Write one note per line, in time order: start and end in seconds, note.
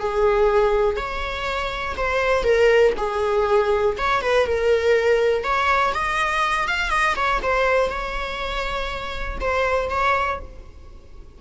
0.00 0.97 G#4
0.97 1.96 C#5
1.97 2.44 C5
2.44 2.93 A#4
2.98 3.97 G#4
3.98 4.22 C#5
4.22 4.47 B4
4.47 5.44 A#4
5.44 5.94 C#5
5.94 6.68 D#5
6.68 6.90 F5
6.90 7.15 D#5
7.17 7.41 C#5
7.43 7.90 C5
7.90 9.39 C#5
9.41 9.90 C5
9.90 10.40 C#5